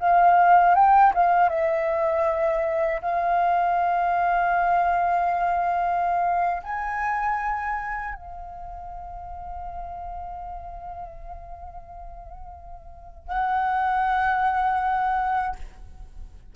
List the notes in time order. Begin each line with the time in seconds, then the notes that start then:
0.00 F5
0.75 G5
1.15 F5
1.49 E5
3.02 F5
6.64 G#5
8.15 F5
13.28 F#5